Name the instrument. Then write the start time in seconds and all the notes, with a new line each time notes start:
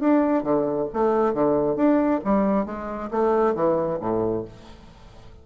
bassoon
0.00 D4
0.43 D3
0.93 A3
1.34 D3
1.76 D4
2.24 G3
2.65 G#3
3.11 A3
3.54 E3
4.00 A2